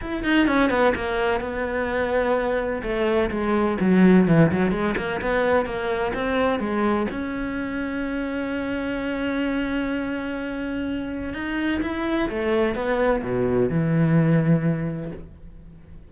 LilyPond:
\new Staff \with { instrumentName = "cello" } { \time 4/4 \tempo 4 = 127 e'8 dis'8 cis'8 b8 ais4 b4~ | b2 a4 gis4 | fis4 e8 fis8 gis8 ais8 b4 | ais4 c'4 gis4 cis'4~ |
cis'1~ | cis'1 | dis'4 e'4 a4 b4 | b,4 e2. | }